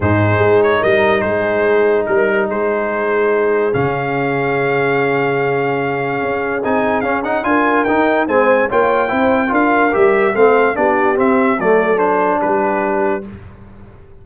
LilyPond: <<
  \new Staff \with { instrumentName = "trumpet" } { \time 4/4 \tempo 4 = 145 c''4. cis''8 dis''4 c''4~ | c''4 ais'4 c''2~ | c''4 f''2.~ | f''1 |
gis''4 f''8 fis''8 gis''4 g''4 | gis''4 g''2 f''4 | e''4 f''4 d''4 e''4 | d''4 c''4 b'2 | }
  \new Staff \with { instrumentName = "horn" } { \time 4/4 gis'2 ais'4 gis'4~ | gis'4 ais'4 gis'2~ | gis'1~ | gis'1~ |
gis'2 ais'2 | c''4 cis''4 c''4 ais'4~ | ais'4 a'4 g'2 | a'2 g'2 | }
  \new Staff \with { instrumentName = "trombone" } { \time 4/4 dis'1~ | dis'1~ | dis'4 cis'2.~ | cis'1 |
dis'4 cis'8 dis'8 f'4 dis'4 | c'4 f'4 e'4 f'4 | g'4 c'4 d'4 c'4 | a4 d'2. | }
  \new Staff \with { instrumentName = "tuba" } { \time 4/4 gis,4 gis4 g4 gis4~ | gis4 g4 gis2~ | gis4 cis2.~ | cis2. cis'4 |
c'4 cis'4 d'4 dis'4 | gis4 ais4 c'4 d'4 | g4 a4 b4 c'4 | fis2 g2 | }
>>